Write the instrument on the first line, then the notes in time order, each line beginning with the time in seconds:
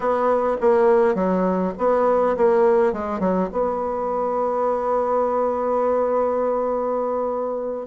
bassoon
0.00 B3
0.60 A#3
1.14 F#3
1.78 B3
2.36 A#3
2.92 G#3
3.19 F#3
3.52 B3